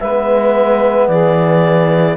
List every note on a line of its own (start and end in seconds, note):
0.00 1.09 G#3
0.00 2.17 B3
0.00 1.10 B4
0.00 1.08 E5
1.08 2.17 E3
1.08 2.17 G#4
1.08 2.17 D5